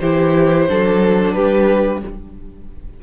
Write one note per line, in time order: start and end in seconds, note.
0.00 0.69 E3
0.00 0.69 E4
0.00 0.67 G4
0.00 1.33 C5
0.69 1.36 F#3
0.69 2.03 D4
0.69 1.35 A4
1.33 2.03 G3
1.33 2.03 G4
1.33 2.01 B4